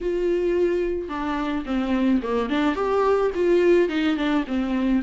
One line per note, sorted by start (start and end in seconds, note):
0.01 1.09 F4
1.09 1.64 D4
1.65 2.21 C4
2.22 2.49 A#3
2.49 2.75 D4
2.75 3.31 G4
3.34 3.89 F4
3.89 4.16 D#4
4.16 4.44 D4
4.47 5.02 C4